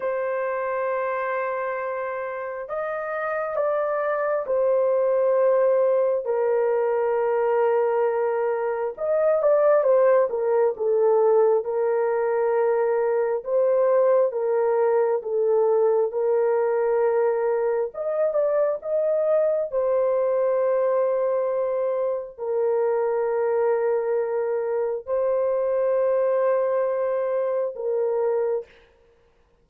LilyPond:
\new Staff \with { instrumentName = "horn" } { \time 4/4 \tempo 4 = 67 c''2. dis''4 | d''4 c''2 ais'4~ | ais'2 dis''8 d''8 c''8 ais'8 | a'4 ais'2 c''4 |
ais'4 a'4 ais'2 | dis''8 d''8 dis''4 c''2~ | c''4 ais'2. | c''2. ais'4 | }